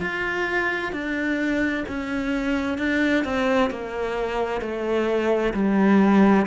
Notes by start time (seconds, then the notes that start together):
0.00 F4
0.92 D4
1.88 C#4
2.78 D4
3.24 C4
3.70 A#3
4.61 A3
5.53 G3